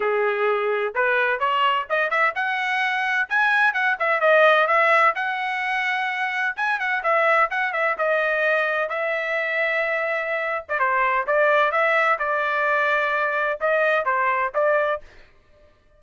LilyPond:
\new Staff \with { instrumentName = "trumpet" } { \time 4/4 \tempo 4 = 128 gis'2 b'4 cis''4 | dis''8 e''8 fis''2 gis''4 | fis''8 e''8 dis''4 e''4 fis''4~ | fis''2 gis''8 fis''8 e''4 |
fis''8 e''8 dis''2 e''4~ | e''2~ e''8. d''16 c''4 | d''4 e''4 d''2~ | d''4 dis''4 c''4 d''4 | }